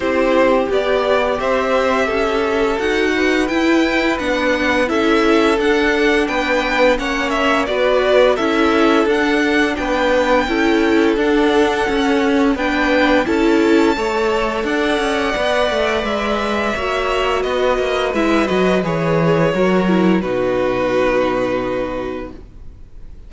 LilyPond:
<<
  \new Staff \with { instrumentName = "violin" } { \time 4/4 \tempo 4 = 86 c''4 d''4 e''2 | fis''4 g''4 fis''4 e''4 | fis''4 g''4 fis''8 e''8 d''4 | e''4 fis''4 g''2 |
fis''2 g''4 a''4~ | a''4 fis''2 e''4~ | e''4 dis''4 e''8 dis''8 cis''4~ | cis''4 b'2. | }
  \new Staff \with { instrumentName = "violin" } { \time 4/4 g'2 c''4 a'4~ | a'8 b'2~ b'8 a'4~ | a'4 b'4 cis''4 b'4 | a'2 b'4 a'4~ |
a'2 b'4 a'4 | cis''4 d''2. | cis''4 b'2. | ais'4 fis'2. | }
  \new Staff \with { instrumentName = "viola" } { \time 4/4 e'4 g'2. | fis'4 e'4 d'4 e'4 | d'2 cis'4 fis'4 | e'4 d'2 e'4 |
d'4 cis'4 d'4 e'4 | a'2 b'2 | fis'2 e'8 fis'8 gis'4 | fis'8 e'8 dis'2. | }
  \new Staff \with { instrumentName = "cello" } { \time 4/4 c'4 b4 c'4 cis'4 | dis'4 e'4 b4 cis'4 | d'4 b4 ais4 b4 | cis'4 d'4 b4 cis'4 |
d'4 cis'4 b4 cis'4 | a4 d'8 cis'8 b8 a8 gis4 | ais4 b8 ais8 gis8 fis8 e4 | fis4 b,2. | }
>>